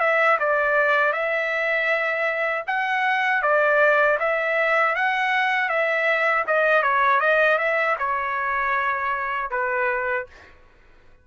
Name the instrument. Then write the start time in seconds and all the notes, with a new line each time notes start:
trumpet
0.00 E5
0.39 D5
1.12 E5
2.67 F#5
3.42 D5
4.19 E5
4.95 F#5
5.69 E5
6.47 D#5
6.82 C#5
7.20 D#5
7.58 E5
7.99 C#5
9.50 B4